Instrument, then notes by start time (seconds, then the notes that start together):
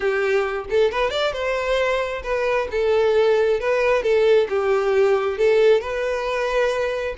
violin
0.00 G4
0.69 A4
0.91 B4
1.10 D5
1.32 C5
2.23 B4
2.71 A4
3.60 B4
4.02 A4
4.49 G4
5.38 A4
5.80 B4